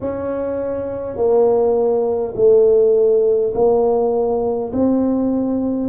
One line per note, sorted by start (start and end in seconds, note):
0.00 1.16 C#4
1.16 2.34 A#3
2.35 3.53 A3
3.54 4.72 A#3
4.73 5.89 C4